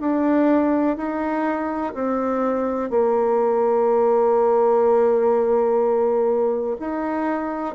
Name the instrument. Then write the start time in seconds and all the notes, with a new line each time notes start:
bassoon
0.00 D4
0.96 D#4
1.94 C4
2.89 A#3
6.79 D#4